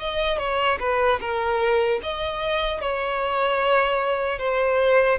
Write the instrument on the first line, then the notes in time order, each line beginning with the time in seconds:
violin
0.00 D#5
0.39 C#5
0.80 B4
1.21 A#4
2.03 D#5
2.81 C#5
4.39 C5